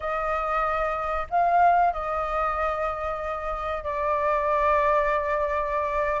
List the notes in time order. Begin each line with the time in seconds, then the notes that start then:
0.00 D#5
1.29 F5
1.93 D#5
3.83 D5